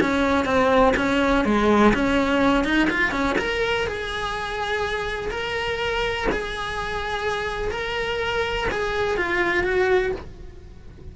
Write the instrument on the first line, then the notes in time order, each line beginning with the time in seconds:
cello
0.00 C#4
0.45 C4
0.96 C#4
1.45 G#3
1.94 C#4
2.64 D#4
2.90 F4
3.11 C#4
3.38 A#4
3.86 G#4
5.30 A#4
6.31 G#4
7.71 A#4
8.71 G#4
9.16 F4
9.63 F#4